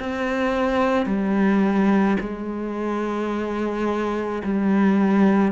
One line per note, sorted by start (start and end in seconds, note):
0.00 1.06 C4
1.06 2.17 G3
2.20 4.42 G#3
4.44 5.52 G3